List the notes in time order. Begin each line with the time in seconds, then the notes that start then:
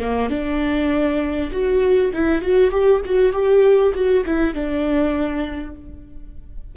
0.00 A#3
0.30 D4
1.52 F#4
2.14 E4
2.42 F#4
2.72 G4
3.06 F#4
3.33 G4
3.95 F#4
4.26 E4
4.55 D4